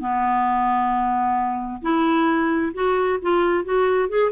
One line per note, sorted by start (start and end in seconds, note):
0.00 1.82 B3
1.82 2.73 E4
2.74 3.20 F#4
3.22 3.65 F4
3.65 4.10 F#4
4.10 4.32 G#4